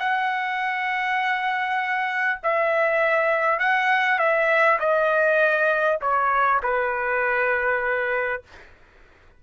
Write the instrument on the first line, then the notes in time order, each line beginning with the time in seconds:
trumpet
0.00 F#5
2.43 E5
3.59 F#5
4.19 E5
4.80 D#5
6.02 C#5
6.63 B4